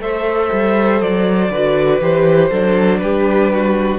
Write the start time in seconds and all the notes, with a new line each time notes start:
0.00 A3 A4 C5 E5
0.53 G3
1.02 F#3 D5
1.51 D3 F#4 B4
2.01 E3 G4 C5
2.50 F#3 D4 A4
2.99 G3 G4 B4
3.53 F#4